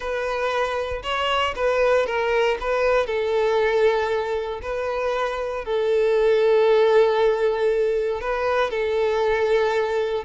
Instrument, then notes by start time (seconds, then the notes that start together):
violin
0.00 B4
1.03 C#5
1.55 B4
2.06 A#4
2.60 B4
3.06 A4
4.62 B4
5.64 A4
8.21 B4
8.70 A4